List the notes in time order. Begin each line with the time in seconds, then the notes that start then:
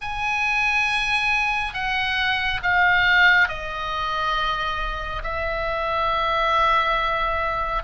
0.01 G#5
1.73 F#5
2.62 F5
3.48 D#5
5.23 E5